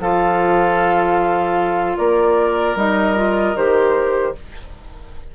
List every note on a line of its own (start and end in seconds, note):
0.00 1.97 F3
0.00 2.77 F4
0.00 1.98 A4
0.00 1.98 F5
1.98 2.75 A#3
1.98 4.34 A#4
1.98 2.76 D5
2.75 3.54 G3
2.75 3.16 D#4
2.75 3.56 D#5
3.16 3.55 F4
3.56 4.35 D#3
3.56 4.35 G4
3.56 4.35 C5